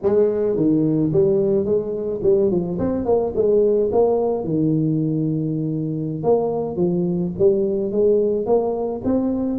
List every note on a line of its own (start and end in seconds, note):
0.02 0.56 G#3
0.56 1.11 D#3
1.12 1.65 G3
1.65 2.20 G#3
2.22 2.50 G3
2.50 2.78 F3
2.78 3.05 C4
3.05 3.32 A#3
3.35 3.90 G#3
3.92 4.44 A#3
4.44 6.23 D#3
6.23 6.76 A#3
6.76 7.31 F3
7.38 7.91 G3
7.91 8.45 G#3
8.45 9.01 A#3
9.04 9.58 C4